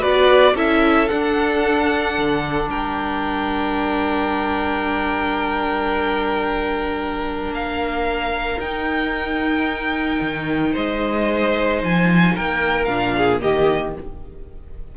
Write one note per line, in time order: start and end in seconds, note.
0.00 0.55 B3
0.00 0.55 F#4
0.00 0.54 B4
0.00 0.56 D5
0.55 1.09 C#4
0.55 1.10 E4
0.55 2.69 A4
0.55 1.09 E5
1.09 8.61 D4
1.09 2.18 D4
1.09 2.70 F#5
2.18 2.70 D3
2.70 7.50 G3
2.70 10.72 A#4
2.70 7.53 G5
7.50 8.58 A#3
7.50 8.61 F5
8.59 10.20 D#4
8.59 12.88 D#4
8.59 10.75 G5
10.21 10.75 D#3
10.72 11.83 G#3
10.72 12.33 C5
10.72 11.83 D#5
11.83 12.37 F3
11.83 12.36 G#5
12.36 12.88 A#3
12.36 13.16 A#4
12.36 12.85 G5
12.85 13.41 A#2
12.85 13.41 D4
12.85 13.39 F5
13.17 13.42 G#4
13.41 13.97 D#3
13.41 13.94 A#3
13.41 13.96 G4
13.41 13.95 D#5